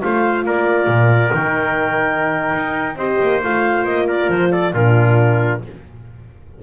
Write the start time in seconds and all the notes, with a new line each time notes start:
0.00 A3 F4 C5 F5
0.45 A#3 A#4 D5
0.87 A#2
1.31 D#3 D#4 G5
2.55 D#4
2.95 C4 G4 C5 D#5
3.22 A#3
3.43 A3 F4 F5
3.84 A#3 D#5
4.07 A#4 D5
4.29 F3 C5
4.51 A4 D5
4.73 A#2 D4 F4 A#4